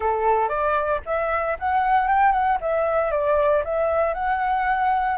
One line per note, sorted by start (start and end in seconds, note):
0.00 0.48 A4
0.48 1.00 D5
1.05 1.57 E5
1.59 2.08 F#5
2.08 2.32 G5
2.32 2.57 F#5
2.61 3.11 E5
3.11 3.63 D5
3.64 4.14 E5
4.14 5.17 F#5